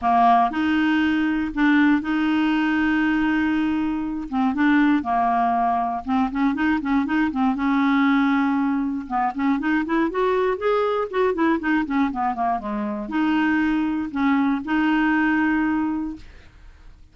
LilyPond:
\new Staff \with { instrumentName = "clarinet" } { \time 4/4 \tempo 4 = 119 ais4 dis'2 d'4 | dis'1~ | dis'8 c'8 d'4 ais2 | c'8 cis'8 dis'8 cis'8 dis'8 c'8 cis'4~ |
cis'2 b8 cis'8 dis'8 e'8 | fis'4 gis'4 fis'8 e'8 dis'8 cis'8 | b8 ais8 gis4 dis'2 | cis'4 dis'2. | }